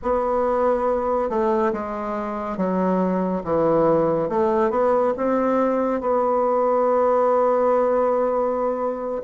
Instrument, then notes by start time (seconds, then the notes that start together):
bassoon
0.02 B3
1.29 A3
1.73 G#3
2.57 F#3
3.44 E3
4.29 A3
4.70 B3
5.17 C4
6.00 B3